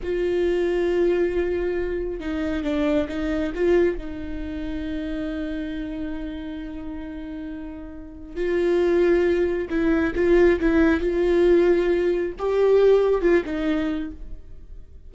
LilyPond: \new Staff \with { instrumentName = "viola" } { \time 4/4 \tempo 4 = 136 f'1~ | f'4 dis'4 d'4 dis'4 | f'4 dis'2.~ | dis'1~ |
dis'2. f'4~ | f'2 e'4 f'4 | e'4 f'2. | g'2 f'8 dis'4. | }